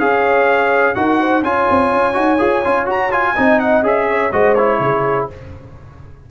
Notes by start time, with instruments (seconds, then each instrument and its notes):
0.00 tuba C#4, trombone G#4, horn C#5, trumpet F5
0.95 tuba D#4, trombone F#4, horn A#4, trumpet F#5
1.20 horn C5
1.43 tuba C#4, trombone F4, horn C#5, trumpet G#5
1.71 tuba C4
1.93 tuba C#4
2.14 tuba D#4, trombone F#4
2.39 tuba F4, trombone G#4
2.65 tuba C#4, trombone F4
2.86 trombone F#4, tuba F#4, trumpet A#5
3.12 trombone F4, trumpet G#5
3.34 tuba C4, trombone D#4, horn D#5
3.60 trumpet F#5
3.83 tuba C#4, trombone G#4, trumpet E5
4.09 horn C#5
4.33 tuba G#3, trombone F#4, horn C5, trumpet D#5
4.55 trombone E4, trumpet C#5
4.80 tuba C#3, horn G#4